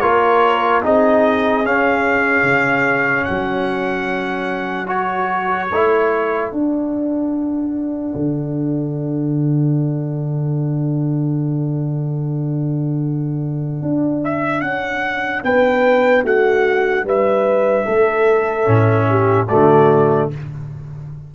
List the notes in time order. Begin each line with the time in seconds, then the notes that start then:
0.00 A#3 F4 A#4 C#5
0.82 C4 D#4 G#4 D#5
1.64 C#4 F5
2.42 C#3
3.24 F#3 A4 F#5
4.86 F#4 C#5
5.71 A3 E4
6.49 D4 F#5
8.14 D3
13.82 D4
14.24 E5
14.61 C#4 F#5
15.43 B3 B4 G5
16.23 A3 F#4 F#5
17.04 G3 B4 E5
17.86 A3 A4
18.65 A2 C#4
19.09 G4
19.48 D3 A3 F#4 D5